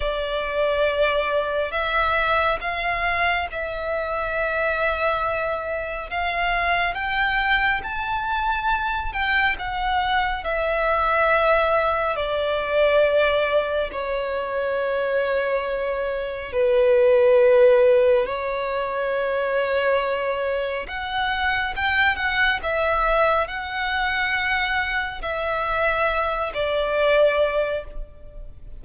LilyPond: \new Staff \with { instrumentName = "violin" } { \time 4/4 \tempo 4 = 69 d''2 e''4 f''4 | e''2. f''4 | g''4 a''4. g''8 fis''4 | e''2 d''2 |
cis''2. b'4~ | b'4 cis''2. | fis''4 g''8 fis''8 e''4 fis''4~ | fis''4 e''4. d''4. | }